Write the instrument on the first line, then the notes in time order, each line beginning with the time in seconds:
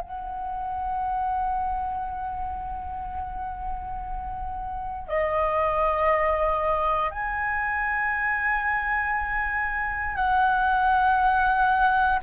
flute
0.00 F#5
5.08 D#5
7.11 G#5
10.16 F#5